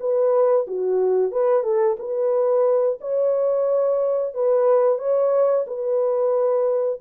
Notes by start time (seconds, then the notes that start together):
0.00 B4
0.67 F#4
1.32 B4
1.64 A4
2.00 B4
3.01 C#5
4.34 B4
4.99 C#5
5.67 B4